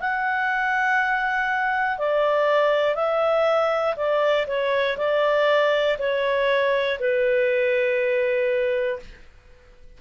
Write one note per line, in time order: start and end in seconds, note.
0.00 1.98 F#5
1.98 2.95 D5
2.95 3.95 E5
3.96 4.46 D5
4.47 4.97 C#5
4.97 5.97 D5
5.98 6.98 C#5
6.99 8.99 B4